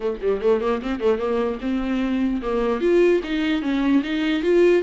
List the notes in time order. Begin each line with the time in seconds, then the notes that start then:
0.00 A3
0.21 G3
0.41 A3
0.61 A#3
0.82 C4
1.00 A3
1.18 A#3
1.61 C4
2.42 A#3
2.80 F4
3.23 D#4
3.61 C#4
4.03 D#4
4.42 F4